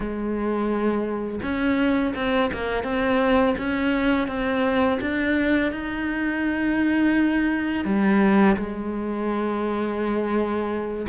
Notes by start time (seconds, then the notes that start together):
0.00 G#3
1.42 C#4
2.15 C4
2.53 A#3
2.83 C4
3.57 C#4
4.27 C4
5.00 D4
5.72 D#4
7.84 G3
8.56 G#3